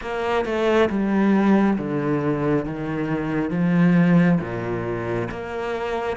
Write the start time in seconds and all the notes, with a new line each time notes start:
0.01 A#3
0.45 A3
0.89 G3
1.78 D3
2.65 D#3
3.50 F3
4.40 A#2
5.30 A#3